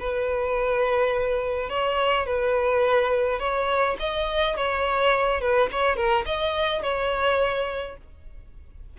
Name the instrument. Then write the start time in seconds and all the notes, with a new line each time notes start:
violin
0.00 B4
1.70 C#5
2.27 B4
3.40 C#5
4.00 D#5
4.57 C#5
5.41 B4
5.72 C#5
5.97 A#4
6.26 D#5
6.83 C#5